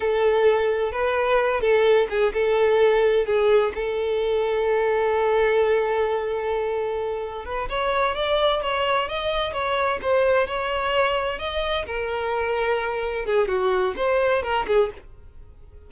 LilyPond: \new Staff \with { instrumentName = "violin" } { \time 4/4 \tempo 4 = 129 a'2 b'4. a'8~ | a'8 gis'8 a'2 gis'4 | a'1~ | a'1 |
b'8 cis''4 d''4 cis''4 dis''8~ | dis''8 cis''4 c''4 cis''4.~ | cis''8 dis''4 ais'2~ ais'8~ | ais'8 gis'8 fis'4 c''4 ais'8 gis'8 | }